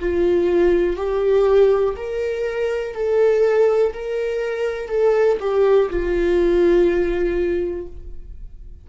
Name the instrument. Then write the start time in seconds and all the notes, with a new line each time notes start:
viola
0.00 F4
0.97 G4
1.97 A#4
2.95 A4
3.93 A#4
4.89 A4
5.41 G4
5.91 F4